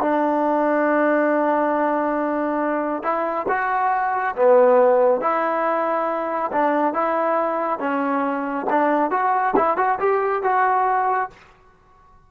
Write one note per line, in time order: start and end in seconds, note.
0.00 3.03 D4
3.03 3.46 E4
3.48 4.35 F#4
4.36 5.21 B3
5.21 6.51 E4
6.52 6.94 D4
6.94 7.79 E4
7.79 8.66 C#4
8.70 9.11 D4
9.11 9.54 F#4
9.57 9.77 E4
9.77 9.98 F#4
9.99 10.43 G4
10.43 11.30 F#4